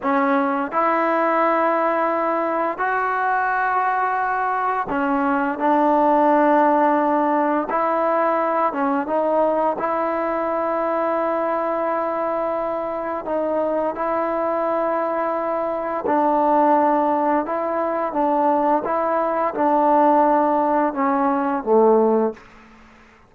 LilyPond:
\new Staff \with { instrumentName = "trombone" } { \time 4/4 \tempo 4 = 86 cis'4 e'2. | fis'2. cis'4 | d'2. e'4~ | e'8 cis'8 dis'4 e'2~ |
e'2. dis'4 | e'2. d'4~ | d'4 e'4 d'4 e'4 | d'2 cis'4 a4 | }